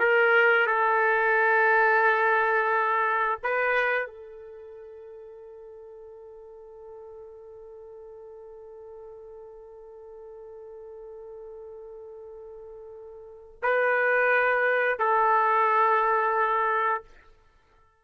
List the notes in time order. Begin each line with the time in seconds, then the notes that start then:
0.00 A#4
0.67 A4
3.43 B4
4.07 A4
13.63 B4
14.99 A4